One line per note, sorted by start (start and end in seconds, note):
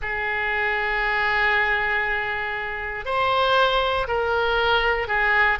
0.02 3.05 G#4
3.05 4.07 C5
4.07 5.07 A#4
5.07 5.58 G#4